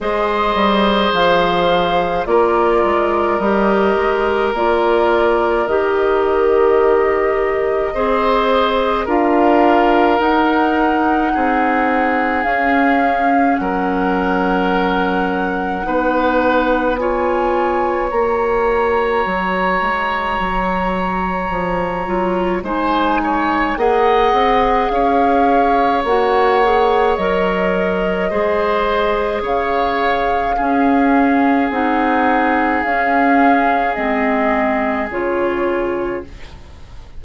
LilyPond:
<<
  \new Staff \with { instrumentName = "flute" } { \time 4/4 \tempo 4 = 53 dis''4 f''4 d''4 dis''4 | d''4 dis''2. | f''4 fis''2 f''4 | fis''2. gis''4 |
ais''1 | gis''4 fis''4 f''4 fis''4 | dis''2 f''2 | fis''4 f''4 dis''4 cis''4 | }
  \new Staff \with { instrumentName = "oboe" } { \time 4/4 c''2 ais'2~ | ais'2. c''4 | ais'2 gis'2 | ais'2 b'4 cis''4~ |
cis''1 | c''8 cis''8 dis''4 cis''2~ | cis''4 c''4 cis''4 gis'4~ | gis'1 | }
  \new Staff \with { instrumentName = "clarinet" } { \time 4/4 gis'2 f'4 g'4 | f'4 g'2 gis'4 | f'4 dis'2 cis'4~ | cis'2 dis'4 f'4 |
fis'2.~ fis'8 f'8 | dis'4 gis'2 fis'8 gis'8 | ais'4 gis'2 cis'4 | dis'4 cis'4 c'4 f'4 | }
  \new Staff \with { instrumentName = "bassoon" } { \time 4/4 gis8 g8 f4 ais8 gis8 g8 gis8 | ais4 dis2 c'4 | d'4 dis'4 c'4 cis'4 | fis2 b2 |
ais4 fis8 gis8 fis4 f8 fis8 | gis4 ais8 c'8 cis'4 ais4 | fis4 gis4 cis4 cis'4 | c'4 cis'4 gis4 cis4 | }
>>